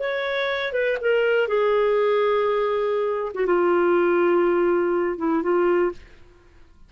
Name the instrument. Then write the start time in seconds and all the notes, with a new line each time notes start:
clarinet
0.00 C#5
0.73 B4
1.01 A#4
1.48 G#4
3.34 F#4
3.47 F4
5.18 E4
5.43 F4